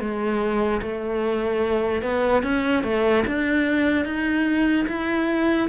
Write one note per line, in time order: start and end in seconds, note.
0.00 0.81 G#3
0.82 2.02 A3
2.02 2.43 B3
2.43 2.83 C#4
2.83 3.24 A3
3.27 4.05 D4
4.05 4.86 D#4
4.88 5.69 E4